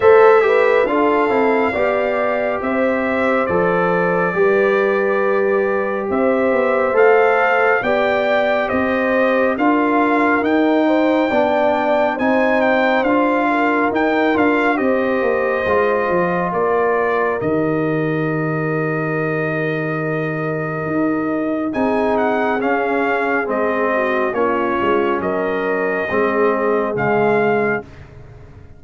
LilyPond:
<<
  \new Staff \with { instrumentName = "trumpet" } { \time 4/4 \tempo 4 = 69 e''4 f''2 e''4 | d''2. e''4 | f''4 g''4 dis''4 f''4 | g''2 gis''8 g''8 f''4 |
g''8 f''8 dis''2 d''4 | dis''1~ | dis''4 gis''8 fis''8 f''4 dis''4 | cis''4 dis''2 f''4 | }
  \new Staff \with { instrumentName = "horn" } { \time 4/4 c''8 b'8 a'4 d''4 c''4~ | c''4 b'2 c''4~ | c''4 d''4 c''4 ais'4~ | ais'8 c''8 d''4 c''4. ais'8~ |
ais'4 c''2 ais'4~ | ais'1~ | ais'4 gis'2~ gis'8 fis'8 | f'4 ais'4 gis'2 | }
  \new Staff \with { instrumentName = "trombone" } { \time 4/4 a'8 g'8 f'8 e'8 g'2 | a'4 g'2. | a'4 g'2 f'4 | dis'4 d'4 dis'4 f'4 |
dis'8 f'8 g'4 f'2 | g'1~ | g'4 dis'4 cis'4 c'4 | cis'2 c'4 gis4 | }
  \new Staff \with { instrumentName = "tuba" } { \time 4/4 a4 d'8 c'8 b4 c'4 | f4 g2 c'8 b8 | a4 b4 c'4 d'4 | dis'4 b4 c'4 d'4 |
dis'8 d'8 c'8 ais8 gis8 f8 ais4 | dis1 | dis'4 c'4 cis'4 gis4 | ais8 gis8 fis4 gis4 cis4 | }
>>